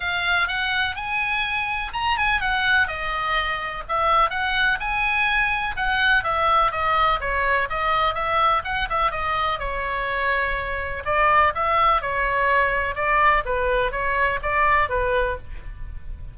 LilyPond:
\new Staff \with { instrumentName = "oboe" } { \time 4/4 \tempo 4 = 125 f''4 fis''4 gis''2 | ais''8 gis''8 fis''4 dis''2 | e''4 fis''4 gis''2 | fis''4 e''4 dis''4 cis''4 |
dis''4 e''4 fis''8 e''8 dis''4 | cis''2. d''4 | e''4 cis''2 d''4 | b'4 cis''4 d''4 b'4 | }